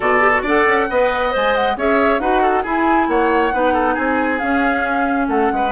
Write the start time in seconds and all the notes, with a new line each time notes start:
0.00 B2 F#4 A4 D5
0.20 G4
0.34 F#4
0.42 D4 A4 D5 F#5
0.67 C#4
0.90 B3 B4 D#5
1.30 G#3 C5 G#5
1.55 F#5
1.76 C#4 G#4 C#5 E5
2.19 D#4 F#4 B4 F#5
2.42 A4
2.62 E4 G#4 G#5
3.08 A#3 C#5 F#5
3.52 B3 D#4 B4
3.73 A4
3.94 C4 G#4 G#5
4.38 C#4 F5
5.28 A3 A4 F#5
5.51 G#3 B4